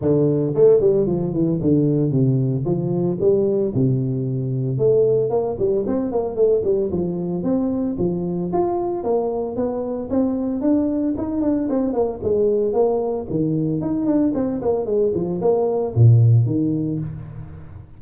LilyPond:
\new Staff \with { instrumentName = "tuba" } { \time 4/4 \tempo 4 = 113 d4 a8 g8 f8 e8 d4 | c4 f4 g4 c4~ | c4 a4 ais8 g8 c'8 ais8 | a8 g8 f4 c'4 f4 |
f'4 ais4 b4 c'4 | d'4 dis'8 d'8 c'8 ais8 gis4 | ais4 dis4 dis'8 d'8 c'8 ais8 | gis8 f8 ais4 ais,4 dis4 | }